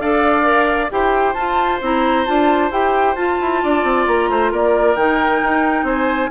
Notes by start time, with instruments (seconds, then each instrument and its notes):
0.00 bassoon D4, clarinet A4, oboe D5, flute F5
0.42 clarinet A#4
0.90 bassoon E4, clarinet G4, oboe C5, flute G5
1.33 bassoon F4, clarinet F4, flute A5
1.81 bassoon C4, clarinet E4, flute A#5
2.26 bassoon D4, clarinet F4, flute A5
2.71 bassoon E4, clarinet G4, flute G5
3.15 bassoon F4, clarinet F4, flute A5
3.40 bassoon E4
3.63 bassoon D4, oboe D5
3.83 bassoon C4
4.07 bassoon A#3, flute A#5
4.29 bassoon A3, oboe C5
4.51 bassoon A#3, oboe A#4, flute D5
4.96 bassoon D#3, clarinet D#4, flute G5
5.43 bassoon D#4
5.83 bassoon C4, oboe C5, flute G#5